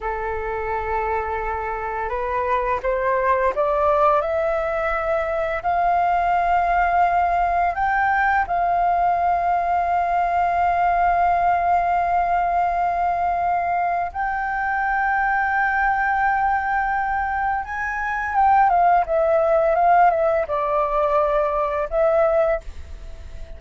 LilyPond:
\new Staff \with { instrumentName = "flute" } { \time 4/4 \tempo 4 = 85 a'2. b'4 | c''4 d''4 e''2 | f''2. g''4 | f''1~ |
f''1 | g''1~ | g''4 gis''4 g''8 f''8 e''4 | f''8 e''8 d''2 e''4 | }